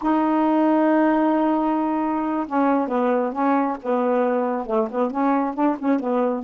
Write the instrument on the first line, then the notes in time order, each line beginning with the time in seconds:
saxophone
0.01 D#4
2.46 C#4
2.87 B3
3.32 C#4
3.82 B3
4.66 A3
4.90 B3
5.10 C#4
5.54 D4
5.78 C#4
5.99 B3